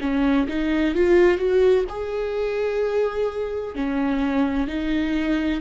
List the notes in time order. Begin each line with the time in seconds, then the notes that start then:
0.00 C#4
0.48 D#4
0.94 F4
1.38 F#4
1.89 G#4
3.75 C#4
4.67 D#4